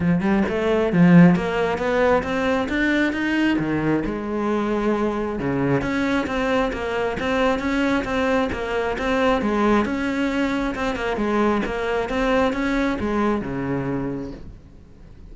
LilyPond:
\new Staff \with { instrumentName = "cello" } { \time 4/4 \tempo 4 = 134 f8 g8 a4 f4 ais4 | b4 c'4 d'4 dis'4 | dis4 gis2. | cis4 cis'4 c'4 ais4 |
c'4 cis'4 c'4 ais4 | c'4 gis4 cis'2 | c'8 ais8 gis4 ais4 c'4 | cis'4 gis4 cis2 | }